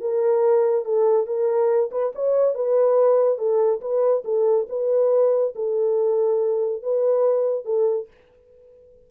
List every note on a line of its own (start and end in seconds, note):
0.00 0.85 A#4
0.85 1.26 A4
1.26 1.90 A#4
1.91 2.12 B4
2.15 2.54 C#5
2.54 3.38 B4
3.38 3.80 A4
3.80 4.23 B4
4.24 4.67 A4
4.69 5.54 B4
5.55 6.82 A4
6.82 7.65 B4
7.65 8.07 A4